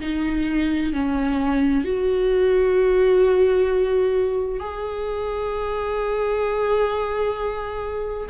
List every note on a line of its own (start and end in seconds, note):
0.00 0.92 D#4
0.93 1.84 C#4
1.84 4.59 F#4
4.59 8.29 G#4